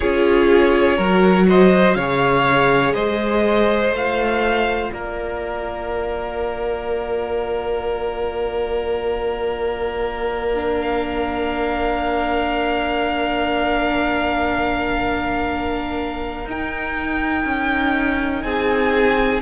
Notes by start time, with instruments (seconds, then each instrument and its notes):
0.00 cello C#4, viola F4, violin G#4 C#5
0.96 cello F#3, viola F#4, violin A#4
1.48 violin C5 D#5
1.94 cello C#3, violin C#5 F5
2.00 viola G#4
2.94 cello G#3, violin C5 D#5
3.91 cello A3, viola F4, violin F5
4.92 cello A#3, violin A#4 D5
10.54 viola D4
10.82 violin F5
16.45 cello D#4, viola D#4, violin G5
17.44 cello C#4
18.42 cello C4, violin G#4 G#5